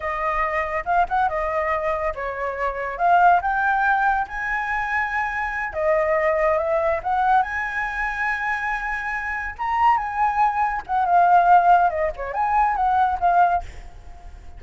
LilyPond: \new Staff \with { instrumentName = "flute" } { \time 4/4 \tempo 4 = 141 dis''2 f''8 fis''8 dis''4~ | dis''4 cis''2 f''4 | g''2 gis''2~ | gis''4. dis''2 e''8~ |
e''8 fis''4 gis''2~ gis''8~ | gis''2~ gis''8 ais''4 gis''8~ | gis''4. fis''8 f''2 | dis''8 cis''8 gis''4 fis''4 f''4 | }